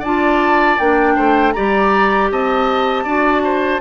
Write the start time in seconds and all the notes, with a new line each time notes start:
0.00 D4 F4 D5 A5
0.79 A#3 D4 G5
1.16 A3 C5
1.52 G3 G4 D5 A#5
2.31 C4 D#5 A5
3.04 D4 F#4 D5
3.44 C5